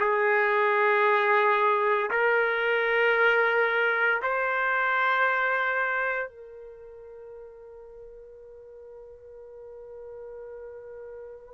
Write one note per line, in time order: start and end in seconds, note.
0.00 2.11 G#4
2.11 4.22 A#4
4.22 6.29 C5
6.29 11.54 A#4